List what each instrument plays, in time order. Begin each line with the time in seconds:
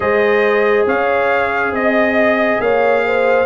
0.00 tuba G#3, trombone G#4, horn C5, trumpet D#5
0.86 tuba C#4, horn C#5, trumpet F5
1.71 tuba C4, horn D#5, trumpet D#5
2.59 tuba A#3, horn C#5, trumpet F5
3.06 horn C5